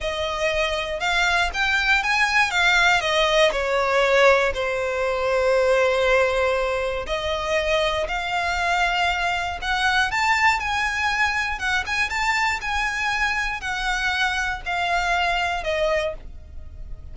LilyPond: \new Staff \with { instrumentName = "violin" } { \time 4/4 \tempo 4 = 119 dis''2 f''4 g''4 | gis''4 f''4 dis''4 cis''4~ | cis''4 c''2.~ | c''2 dis''2 |
f''2. fis''4 | a''4 gis''2 fis''8 gis''8 | a''4 gis''2 fis''4~ | fis''4 f''2 dis''4 | }